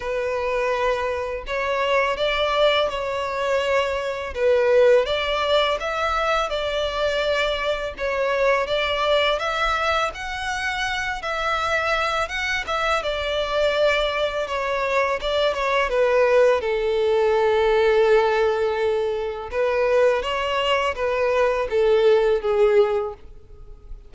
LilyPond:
\new Staff \with { instrumentName = "violin" } { \time 4/4 \tempo 4 = 83 b'2 cis''4 d''4 | cis''2 b'4 d''4 | e''4 d''2 cis''4 | d''4 e''4 fis''4. e''8~ |
e''4 fis''8 e''8 d''2 | cis''4 d''8 cis''8 b'4 a'4~ | a'2. b'4 | cis''4 b'4 a'4 gis'4 | }